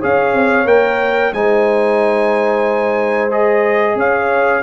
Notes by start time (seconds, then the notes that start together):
0.00 C#4 G#4 C#5 F5
0.34 C4
0.65 A#3 A#4 G5
1.33 G#3 D#4 C5 G#5
3.31 G#4 D#5
3.95 C#4 C#5 F5